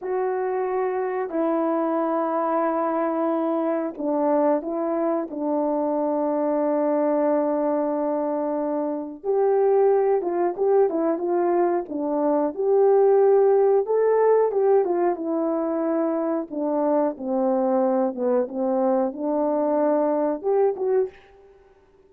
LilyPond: \new Staff \with { instrumentName = "horn" } { \time 4/4 \tempo 4 = 91 fis'2 e'2~ | e'2 d'4 e'4 | d'1~ | d'2 g'4. f'8 |
g'8 e'8 f'4 d'4 g'4~ | g'4 a'4 g'8 f'8 e'4~ | e'4 d'4 c'4. b8 | c'4 d'2 g'8 fis'8 | }